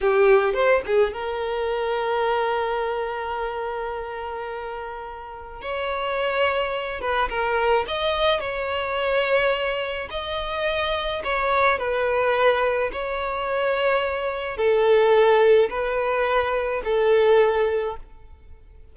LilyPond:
\new Staff \with { instrumentName = "violin" } { \time 4/4 \tempo 4 = 107 g'4 c''8 gis'8 ais'2~ | ais'1~ | ais'2 cis''2~ | cis''8 b'8 ais'4 dis''4 cis''4~ |
cis''2 dis''2 | cis''4 b'2 cis''4~ | cis''2 a'2 | b'2 a'2 | }